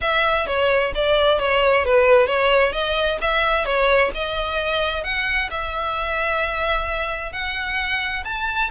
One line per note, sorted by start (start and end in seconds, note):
0.01 0.46 E5
0.46 0.92 C#5
0.94 1.39 D5
1.39 1.85 C#5
1.85 2.27 B4
2.27 2.72 C#5
2.72 3.18 D#5
3.21 3.65 E5
3.65 4.11 C#5
4.14 5.03 D#5
5.03 5.49 F#5
5.50 7.32 E5
7.32 8.24 F#5
8.24 8.70 A5